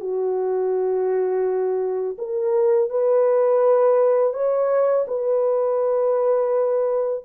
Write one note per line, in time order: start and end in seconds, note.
0.00 2.17 F#4
2.18 2.89 A#4
2.89 4.33 B4
4.33 5.05 C#5
5.07 7.24 B4